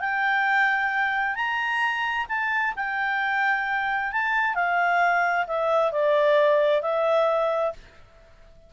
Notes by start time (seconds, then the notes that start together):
0.00 G5
1.35 A#5
2.29 A5
2.76 G5
4.12 A5
4.55 F5
5.47 E5
5.92 D5
6.82 E5